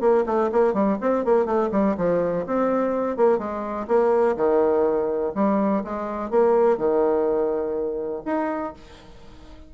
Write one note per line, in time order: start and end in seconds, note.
0.00 0.24 A#3
0.26 0.50 A3
0.51 0.73 A#3
0.73 0.97 G3
1.01 1.24 C4
1.24 1.45 A#3
1.45 1.70 A3
1.71 1.96 G3
1.97 2.45 F3
2.46 3.16 C4
3.16 3.38 A#3
3.38 3.87 G#3
3.87 4.36 A#3
4.36 5.33 D#3
5.34 5.83 G3
5.84 6.30 G#3
6.30 6.77 A#3
6.77 8.23 D#3
8.25 8.73 D#4